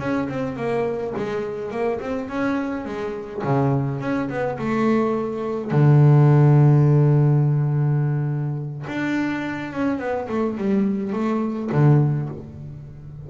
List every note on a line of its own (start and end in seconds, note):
0.00 0.29 C#4
0.29 0.57 C4
0.57 1.14 A#3
1.17 1.72 G#3
1.72 2.00 A#3
2.01 2.29 C4
2.29 2.85 C#4
2.85 3.43 G#3
3.44 4.01 C#3
4.01 4.30 C#4
4.30 4.58 B3
4.59 5.72 A3
5.72 8.86 D3
8.88 9.73 D4
9.73 9.99 C#4
9.99 10.28 B3
10.29 10.58 A3
10.58 11.13 G3
11.13 11.70 A3
11.72 12.30 D3